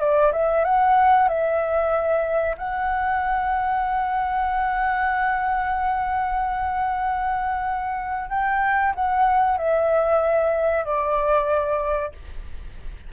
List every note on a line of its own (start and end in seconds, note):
0.00 0.32 D5
0.32 0.64 E5
0.64 1.28 F#5
1.28 2.56 E5
2.58 8.29 F#5
8.29 8.93 G5
8.95 9.57 F#5
9.57 10.85 E5
10.85 12.12 D5